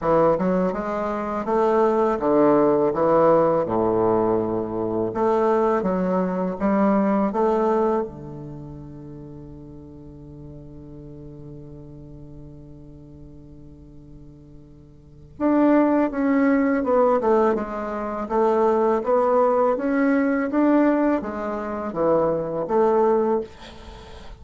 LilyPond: \new Staff \with { instrumentName = "bassoon" } { \time 4/4 \tempo 4 = 82 e8 fis8 gis4 a4 d4 | e4 a,2 a4 | fis4 g4 a4 d4~ | d1~ |
d1~ | d4 d'4 cis'4 b8 a8 | gis4 a4 b4 cis'4 | d'4 gis4 e4 a4 | }